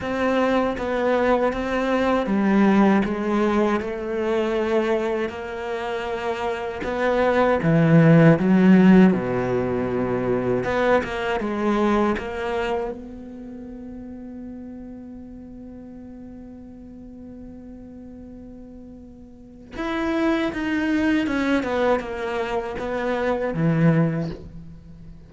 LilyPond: \new Staff \with { instrumentName = "cello" } { \time 4/4 \tempo 4 = 79 c'4 b4 c'4 g4 | gis4 a2 ais4~ | ais4 b4 e4 fis4 | b,2 b8 ais8 gis4 |
ais4 b2.~ | b1~ | b2 e'4 dis'4 | cis'8 b8 ais4 b4 e4 | }